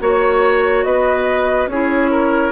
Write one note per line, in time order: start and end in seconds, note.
0.00 0.85 A#3
0.00 1.69 F#4
0.00 0.86 C#5
0.00 0.84 C#5
0.84 1.67 B3
0.84 1.70 B4
0.84 1.69 D#5
1.67 2.51 C#4
1.67 2.53 E4
1.67 2.11 G#4
1.67 2.53 C#5
2.11 2.53 A#4